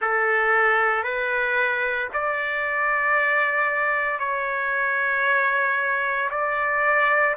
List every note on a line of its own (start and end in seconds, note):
0.01 1.03 A4
1.03 2.09 B4
2.13 4.19 D5
4.19 6.29 C#5
6.30 7.35 D5